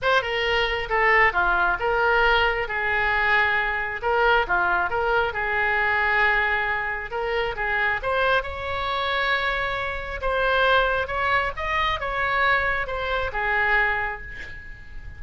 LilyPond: \new Staff \with { instrumentName = "oboe" } { \time 4/4 \tempo 4 = 135 c''8 ais'4. a'4 f'4 | ais'2 gis'2~ | gis'4 ais'4 f'4 ais'4 | gis'1 |
ais'4 gis'4 c''4 cis''4~ | cis''2. c''4~ | c''4 cis''4 dis''4 cis''4~ | cis''4 c''4 gis'2 | }